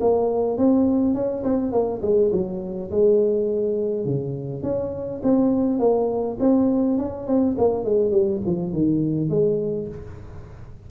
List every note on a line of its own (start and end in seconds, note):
0.00 0.57 A#3
0.57 1.14 C4
1.14 1.43 C#4
1.43 1.72 C4
1.72 2.01 A#3
2.02 2.31 G#3
2.32 2.90 F#3
2.90 4.05 G#3
4.05 4.63 C#3
4.63 5.21 C#4
5.23 5.79 C4
5.79 6.37 A#3
6.39 6.98 C4
6.98 7.27 C#4
7.27 7.56 C4
7.58 7.84 A#3
7.84 8.11 G#3
8.11 8.40 G3
8.46 8.72 F3
8.72 9.29 D#3
9.29 9.88 G#3